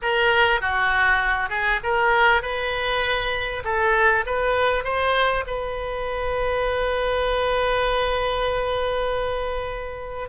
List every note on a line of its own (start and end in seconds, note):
0.02 0.60 A#4
0.60 1.49 F#4
1.49 1.80 G#4
1.83 2.42 A#4
2.42 3.63 B4
3.64 4.25 A4
4.26 4.83 B4
4.83 5.44 C5
5.46 10.29 B4